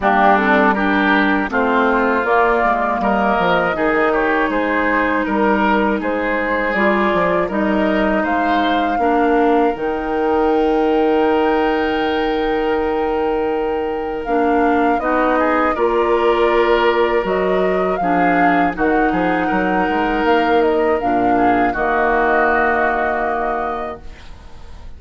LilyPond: <<
  \new Staff \with { instrumentName = "flute" } { \time 4/4 \tempo 4 = 80 g'8 a'8 ais'4 c''4 d''4 | dis''4. cis''8 c''4 ais'4 | c''4 d''4 dis''4 f''4~ | f''4 g''2.~ |
g''2. f''4 | dis''4 d''2 dis''4 | f''4 fis''2 f''8 dis''8 | f''4 dis''2. | }
  \new Staff \with { instrumentName = "oboe" } { \time 4/4 d'4 g'4 f'2 | ais'4 gis'8 g'8 gis'4 ais'4 | gis'2 ais'4 c''4 | ais'1~ |
ais'1 | fis'8 gis'8 ais'2. | gis'4 fis'8 gis'8 ais'2~ | ais'8 gis'8 fis'2. | }
  \new Staff \with { instrumentName = "clarinet" } { \time 4/4 ais8 c'8 d'4 c'4 ais4~ | ais4 dis'2.~ | dis'4 f'4 dis'2 | d'4 dis'2.~ |
dis'2. d'4 | dis'4 f'2 fis'4 | d'4 dis'2. | d'4 ais2. | }
  \new Staff \with { instrumentName = "bassoon" } { \time 4/4 g2 a4 ais8 gis8 | g8 f8 dis4 gis4 g4 | gis4 g8 f8 g4 gis4 | ais4 dis2.~ |
dis2. ais4 | b4 ais2 fis4 | f4 dis8 f8 fis8 gis8 ais4 | ais,4 dis2. | }
>>